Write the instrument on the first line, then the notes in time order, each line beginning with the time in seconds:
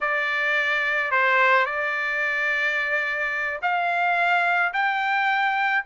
trumpet
0.00 D5
1.11 C5
1.65 D5
3.61 F5
4.73 G5